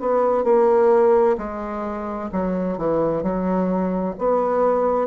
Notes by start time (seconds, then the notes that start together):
0.00 B3
0.44 A#3
1.38 G#3
2.32 F#3
2.78 E3
3.23 F#3
4.18 B3